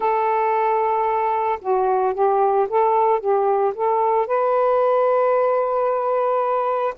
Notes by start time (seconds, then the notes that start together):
0.00 A4
1.61 F#4
2.14 G4
2.69 A4
3.19 G4
3.75 A4
4.26 B4